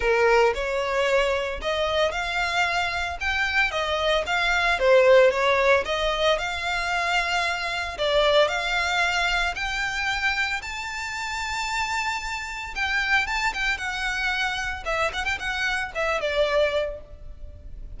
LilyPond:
\new Staff \with { instrumentName = "violin" } { \time 4/4 \tempo 4 = 113 ais'4 cis''2 dis''4 | f''2 g''4 dis''4 | f''4 c''4 cis''4 dis''4 | f''2. d''4 |
f''2 g''2 | a''1 | g''4 a''8 g''8 fis''2 | e''8 fis''16 g''16 fis''4 e''8 d''4. | }